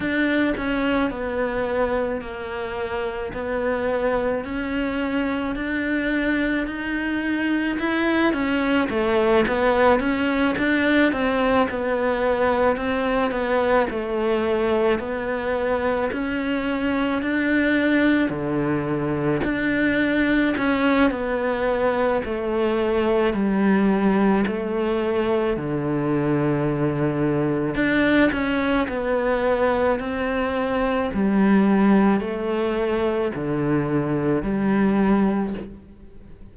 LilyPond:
\new Staff \with { instrumentName = "cello" } { \time 4/4 \tempo 4 = 54 d'8 cis'8 b4 ais4 b4 | cis'4 d'4 dis'4 e'8 cis'8 | a8 b8 cis'8 d'8 c'8 b4 c'8 | b8 a4 b4 cis'4 d'8~ |
d'8 d4 d'4 cis'8 b4 | a4 g4 a4 d4~ | d4 d'8 cis'8 b4 c'4 | g4 a4 d4 g4 | }